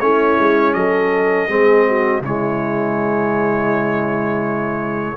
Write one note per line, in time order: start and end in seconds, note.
0.00 0.37 A3
0.00 1.49 C#4
0.00 0.76 E4
0.00 0.73 C#5
0.39 0.74 G#3
0.73 1.48 F#3
0.73 1.50 A4
0.73 2.22 D#5
1.48 2.21 G#3
1.48 2.23 C4
1.48 1.87 G#4
1.87 2.23 F#4
2.21 5.17 C#3
2.21 5.17 G#3
2.21 5.17 E4
2.21 5.17 C#5